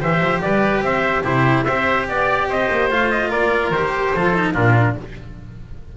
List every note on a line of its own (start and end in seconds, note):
0.00 0.21 E3
0.00 1.24 G4
0.00 0.42 C5
0.00 0.41 E5
0.21 0.42 F3
0.41 0.81 G3
0.41 0.85 B4
0.41 0.83 D5
0.81 1.22 C4
0.81 1.23 C5
0.81 1.25 E5
1.23 1.66 C3
1.23 1.65 E4
1.23 1.65 G4
1.23 1.64 C5
1.64 2.09 C4
1.64 2.91 G4
1.64 2.07 C5
1.64 2.06 E5
2.08 2.48 B3
2.08 2.50 D5
2.08 2.49 D5
2.48 2.68 C4
2.48 3.30 C5
2.48 2.92 D#5
2.71 2.91 A#3
2.91 3.32 A3
2.91 3.74 F4
2.91 3.11 F5
3.11 3.31 D#5
3.30 3.71 A#3
3.30 4.12 A#4
3.30 3.71 D5
3.71 4.12 D#3
3.71 4.16 G4
3.71 4.54 C5
4.15 4.55 F3
4.15 4.34 F4
4.15 4.53 A4
4.34 4.54 D#4
4.53 4.97 A#2
4.53 4.96 D4
4.53 4.95 F4
4.53 4.96 A#4